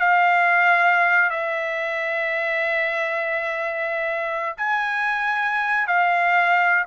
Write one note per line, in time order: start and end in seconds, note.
0.00 1.30 F5
1.30 4.57 E5
4.57 5.88 G#5
5.88 6.85 F5